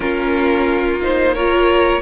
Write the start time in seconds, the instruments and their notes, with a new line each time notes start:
0.00 cello A#3, viola C#4, violin F4 A#4
1.01 viola D#4, violin C5
1.33 viola F4, violin A#4 C#5